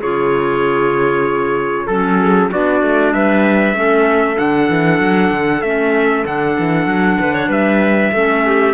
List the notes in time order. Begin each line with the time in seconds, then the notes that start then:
0.00 C#3 F4 G#4 C#5
1.86 F#3 C#4 A4
2.21 G#4
2.50 B3 D4 F#4 D5
2.83 A3
3.13 G3 B4 E5
3.74 A3 C#4 A4
4.37 D3 D4 F#5
4.70 E3
5.00 F#3
5.32 D3
5.62 A3 C#4 E5
6.26 D3 D4 F#5
6.59 E3
6.87 F#3
7.20 D3 B4
7.34 C#5
7.49 G3 B4 E5
8.13 A3 C#4 A4
8.45 G4